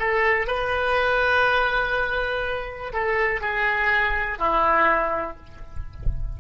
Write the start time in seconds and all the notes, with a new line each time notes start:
0.00 A4
0.47 B4
2.93 A4
3.42 G#4
4.39 E4